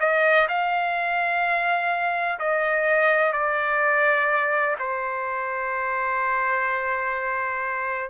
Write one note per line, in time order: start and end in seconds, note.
0.00 0.48 D#5
0.48 2.39 F5
2.39 3.33 D#5
3.33 4.76 D5
4.79 8.10 C5